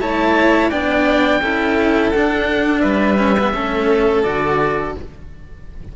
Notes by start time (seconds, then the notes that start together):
0.00 A3 E4 C#5 A5
0.71 B3 D4 D5 G5
1.41 C#4 E4 A4
2.11 D4 F#5
2.80 G3 B4 E5
3.18 C#4
3.39 B3
3.54 A3 C#4 A4
4.23 D3 F#4 D5